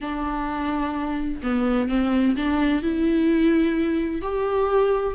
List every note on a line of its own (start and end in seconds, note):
0.00 1.41 D4
1.42 1.88 B3
1.88 2.35 C4
2.35 2.82 D4
2.82 4.21 E4
4.21 5.14 G4